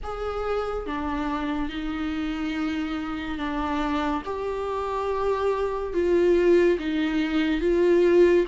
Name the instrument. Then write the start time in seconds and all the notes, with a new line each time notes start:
viola
0.03 G#4
0.86 D4
1.69 D#4
3.38 D4
4.25 G4
5.93 F4
6.78 D#4
7.61 F4